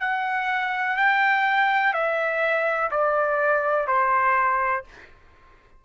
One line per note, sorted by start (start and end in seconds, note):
0.00 0.96 F#5
0.96 1.93 G5
1.93 2.90 E5
2.90 3.87 D5
3.87 4.84 C5